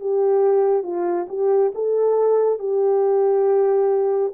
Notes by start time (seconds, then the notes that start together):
0.00 G4
0.83 F4
1.28 G4
1.75 A4
2.59 G4